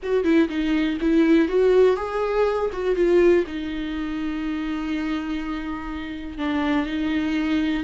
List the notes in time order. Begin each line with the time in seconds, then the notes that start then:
0.02 F#4
0.23 E4
0.48 D#4
1.00 E4
1.48 F#4
1.96 G#4
2.73 F#4
2.95 F4
3.46 D#4
6.38 D4
6.86 D#4